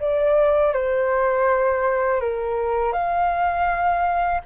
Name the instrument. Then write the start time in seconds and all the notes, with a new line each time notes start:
flute
0.00 D5
0.73 C5
2.21 A#4
2.93 F5